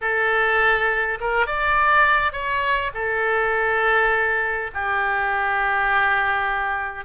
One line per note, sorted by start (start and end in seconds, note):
0.01 1.18 A4
1.20 1.46 A#4
1.46 2.32 D5
2.32 2.91 C#5
2.94 4.70 A4
4.74 7.04 G4